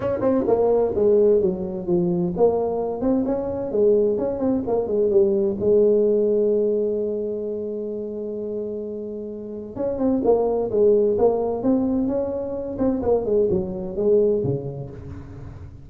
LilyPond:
\new Staff \with { instrumentName = "tuba" } { \time 4/4 \tempo 4 = 129 cis'8 c'8 ais4 gis4 fis4 | f4 ais4. c'8 cis'4 | gis4 cis'8 c'8 ais8 gis8 g4 | gis1~ |
gis1~ | gis4 cis'8 c'8 ais4 gis4 | ais4 c'4 cis'4. c'8 | ais8 gis8 fis4 gis4 cis4 | }